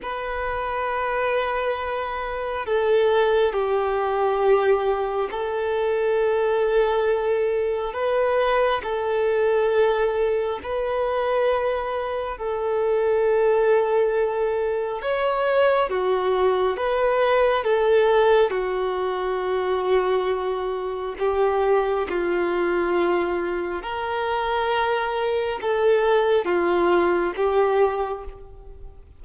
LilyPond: \new Staff \with { instrumentName = "violin" } { \time 4/4 \tempo 4 = 68 b'2. a'4 | g'2 a'2~ | a'4 b'4 a'2 | b'2 a'2~ |
a'4 cis''4 fis'4 b'4 | a'4 fis'2. | g'4 f'2 ais'4~ | ais'4 a'4 f'4 g'4 | }